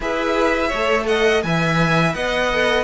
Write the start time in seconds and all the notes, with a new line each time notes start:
0.00 E4 G#4 B4 E5
0.67 A3 C#5
0.74 A4
1.06 D#5 F#5
1.42 E3 B4 E5 G#5
2.13 B3 D#5 F#5
2.53 A4